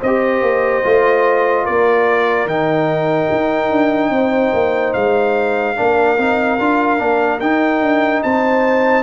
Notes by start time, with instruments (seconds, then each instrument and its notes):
0.00 tuba C4, horn C5, trumpet D#5
0.06 trombone G4
0.41 tuba A#3
0.84 tuba A3, trombone F4
1.64 tuba A#3, horn A#4, trumpet D5
2.45 tuba D#3, trombone D#4, trumpet G5
3.31 tuba D#4
3.70 tuba D4
4.10 tuba C4, horn C5
4.53 tuba A#3
4.93 tuba G#3, trumpet F5
5.76 tuba A#3, trombone D4, horn A#4
6.17 tuba C4, trombone D#4
6.59 tuba D4, trombone F4
6.98 tuba A#3, trombone D4
7.40 tuba D#4, trombone D#4, trumpet G5
7.81 tuba D4
8.22 tuba C4, horn C5, trumpet A5